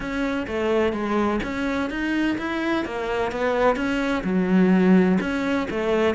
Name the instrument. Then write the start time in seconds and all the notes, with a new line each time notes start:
cello
0.00 C#4
0.47 A3
0.93 G#3
1.43 C#4
1.89 D#4
2.38 E4
2.85 A#3
3.31 B3
3.76 C#4
4.23 F#3
5.20 C#4
5.70 A3